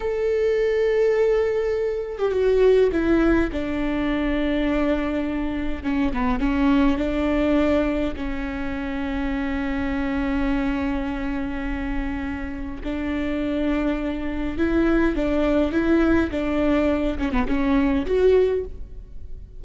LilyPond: \new Staff \with { instrumentName = "viola" } { \time 4/4 \tempo 4 = 103 a'2.~ a'8. g'16 | fis'4 e'4 d'2~ | d'2 cis'8 b8 cis'4 | d'2 cis'2~ |
cis'1~ | cis'2 d'2~ | d'4 e'4 d'4 e'4 | d'4. cis'16 b16 cis'4 fis'4 | }